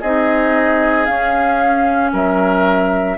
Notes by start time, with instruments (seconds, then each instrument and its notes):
0.00 bassoon C4, clarinet D#4, oboe G#4, flute D#5
1.05 clarinet C#4, bassoon C#4, flute F5
2.12 bassoon F#3, oboe A#4, flute E5